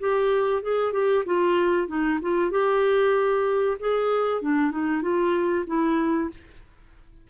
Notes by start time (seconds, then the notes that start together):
0.00 G4
0.63 G#4
0.93 G4
1.26 F4
1.88 D#4
2.22 F4
2.51 G4
3.80 G#4
4.42 D4
4.72 D#4
5.02 F4
5.67 E4